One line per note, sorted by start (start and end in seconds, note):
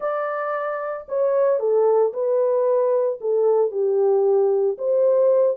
0.00 1.06 D5
1.08 1.59 C#5
1.59 2.12 A4
2.13 3.19 B4
3.20 3.71 A4
3.71 4.77 G4
4.77 5.57 C5